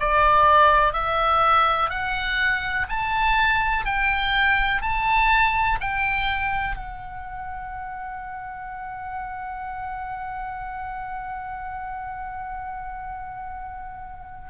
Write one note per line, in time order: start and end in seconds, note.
0.00 0.93 D5
0.93 1.90 E5
1.90 2.86 F#5
2.89 3.85 A5
3.85 4.82 G5
4.82 5.78 A5
5.81 6.76 G5
6.76 14.49 F#5